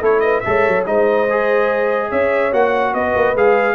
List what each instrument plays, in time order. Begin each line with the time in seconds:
0.00 tuba A3, trombone E4, horn A4, trumpet C#5
0.20 horn B4, trumpet D#5
0.40 tuba G#3, trombone A4, trumpet E5
0.47 horn C#5
0.67 tuba F#3
0.86 tuba G#3, trombone D#4, horn C5, trumpet D#5
1.30 trombone G#4
2.09 tuba C#4, horn C#5, trumpet E5
2.52 tuba A#3, trombone F#4, trumpet F#5
2.94 tuba B3, horn B4, trumpet D#5
3.15 tuba A#3
3.35 tuba G#3, trombone G#4, trumpet F5